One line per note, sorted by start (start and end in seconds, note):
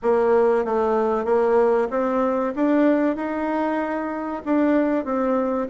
0.02 0.64 A#3
0.64 1.25 A3
1.25 1.88 A#3
1.90 2.53 C4
2.55 3.16 D4
3.16 4.42 D#4
4.45 5.04 D4
5.04 5.68 C4